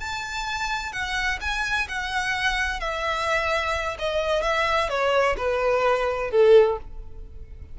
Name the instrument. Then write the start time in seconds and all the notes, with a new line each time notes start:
violin
0.00 A5
0.93 F#5
1.41 G#5
1.89 F#5
2.81 E5
3.99 D#5
4.43 E5
4.90 C#5
5.38 B4
6.31 A4